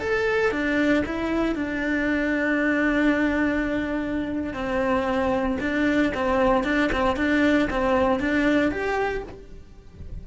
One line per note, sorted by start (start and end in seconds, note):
0.00 0.52 A4
0.52 1.04 D4
1.06 1.56 E4
1.56 4.54 D4
4.54 5.58 C4
5.61 6.13 D4
6.15 6.65 C4
6.65 6.91 D4
6.92 7.17 C4
7.17 7.69 D4
7.71 8.20 C4
8.20 8.72 D4
8.72 9.24 G4